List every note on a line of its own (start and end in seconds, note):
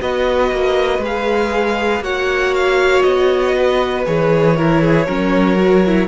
0.00 0.51 B3
0.00 1.02 F#4
0.00 2.03 B4
0.00 1.03 D#5
0.51 0.99 A#3
0.99 2.00 G#3
0.99 2.03 G#4
1.05 2.04 F5
2.00 3.02 A#3
2.00 4.06 F#4
2.00 3.56 C#5
2.00 2.54 F#5
2.54 3.02 F5
3.02 4.07 B3
3.02 4.04 D#5
3.56 4.56 B4
4.06 5.08 E3
4.06 4.56 G#4
4.06 6.08 C#5
4.56 5.07 E4
4.56 4.82 A#4
4.82 5.06 G#4
5.06 6.08 F#3
5.06 5.57 C#4
5.06 6.08 A#4
5.57 5.82 F#4
5.86 6.08 E4